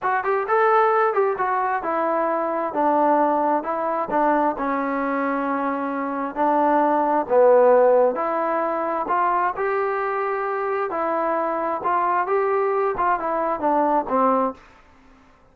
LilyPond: \new Staff \with { instrumentName = "trombone" } { \time 4/4 \tempo 4 = 132 fis'8 g'8 a'4. g'8 fis'4 | e'2 d'2 | e'4 d'4 cis'2~ | cis'2 d'2 |
b2 e'2 | f'4 g'2. | e'2 f'4 g'4~ | g'8 f'8 e'4 d'4 c'4 | }